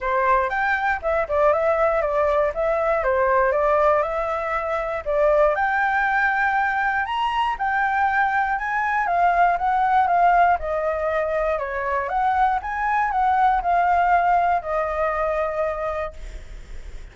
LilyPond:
\new Staff \with { instrumentName = "flute" } { \time 4/4 \tempo 4 = 119 c''4 g''4 e''8 d''8 e''4 | d''4 e''4 c''4 d''4 | e''2 d''4 g''4~ | g''2 ais''4 g''4~ |
g''4 gis''4 f''4 fis''4 | f''4 dis''2 cis''4 | fis''4 gis''4 fis''4 f''4~ | f''4 dis''2. | }